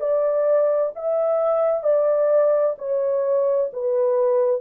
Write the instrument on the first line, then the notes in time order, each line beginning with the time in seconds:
horn
0.00 D5
0.96 E5
1.83 D5
2.78 C#5
3.73 B4